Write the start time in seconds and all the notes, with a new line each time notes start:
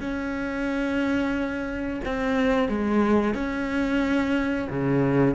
0.00 C#4
2.05 C4
2.68 G#3
3.34 C#4
4.69 C#3